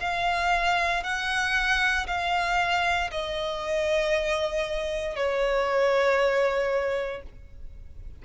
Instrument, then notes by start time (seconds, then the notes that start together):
violin
0.00 F5
1.03 F#5
2.07 F5
3.11 D#5
5.16 C#5